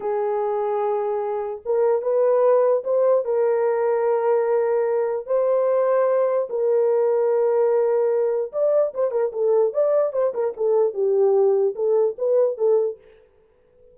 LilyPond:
\new Staff \with { instrumentName = "horn" } { \time 4/4 \tempo 4 = 148 gis'1 | ais'4 b'2 c''4 | ais'1~ | ais'4 c''2. |
ais'1~ | ais'4 d''4 c''8 ais'8 a'4 | d''4 c''8 ais'8 a'4 g'4~ | g'4 a'4 b'4 a'4 | }